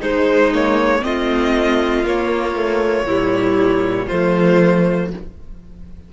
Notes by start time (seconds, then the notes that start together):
0.00 G#3 D#4 C5
0.53 A#3 C#5
1.01 A3 C4 F4 D#5
2.03 A#3 C#5
2.55 A3
3.04 A#2 G3 E4
4.06 F3 A3 F4 C5